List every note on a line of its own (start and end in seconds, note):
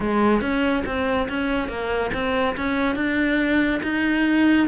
0.00 0.41 G#3
0.41 0.83 C#4
0.85 1.28 C4
1.29 1.68 C#4
1.68 2.11 A#3
2.13 2.56 C4
2.56 2.95 C#4
2.95 3.80 D4
3.82 4.67 D#4